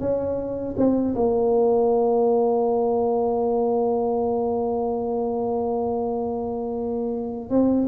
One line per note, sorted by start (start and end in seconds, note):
0.00 0.75 C#4
0.77 1.15 C4
1.15 7.50 A#3
7.50 7.87 C4